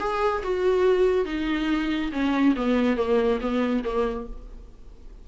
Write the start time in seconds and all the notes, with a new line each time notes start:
0.00 G#4
0.43 F#4
1.26 D#4
2.12 C#4
2.57 B3
2.97 A#3
3.41 B3
3.85 A#3